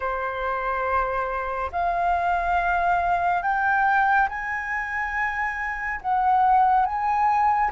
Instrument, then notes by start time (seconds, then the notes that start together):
flute
0.00 C5
1.72 F5
3.42 G5
4.29 G#5
6.01 F#5
6.85 G#5